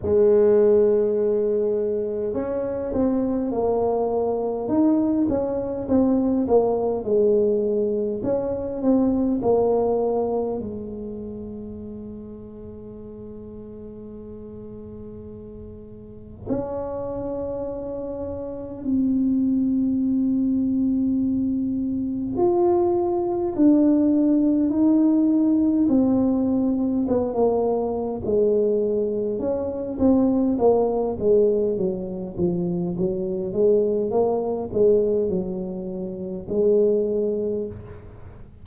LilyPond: \new Staff \with { instrumentName = "tuba" } { \time 4/4 \tempo 4 = 51 gis2 cis'8 c'8 ais4 | dis'8 cis'8 c'8 ais8 gis4 cis'8 c'8 | ais4 gis2.~ | gis2 cis'2 |
c'2. f'4 | d'4 dis'4 c'4 b16 ais8. | gis4 cis'8 c'8 ais8 gis8 fis8 f8 | fis8 gis8 ais8 gis8 fis4 gis4 | }